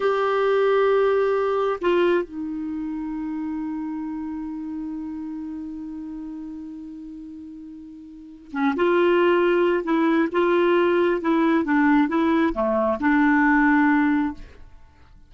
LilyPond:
\new Staff \with { instrumentName = "clarinet" } { \time 4/4 \tempo 4 = 134 g'1 | f'4 dis'2.~ | dis'1~ | dis'1~ |
dis'2. cis'8 f'8~ | f'2 e'4 f'4~ | f'4 e'4 d'4 e'4 | a4 d'2. | }